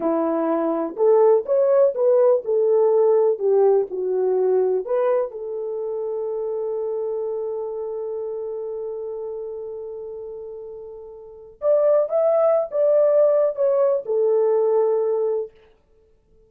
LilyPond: \new Staff \with { instrumentName = "horn" } { \time 4/4 \tempo 4 = 124 e'2 a'4 cis''4 | b'4 a'2 g'4 | fis'2 b'4 a'4~ | a'1~ |
a'1~ | a'1 | d''4 e''4~ e''16 d''4.~ d''16 | cis''4 a'2. | }